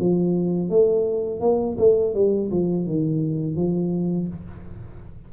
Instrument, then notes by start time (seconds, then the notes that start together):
tuba
0.00 F3
0.70 A3
1.41 A#3
1.78 A3
2.15 G3
2.51 F3
2.87 D#3
3.56 F3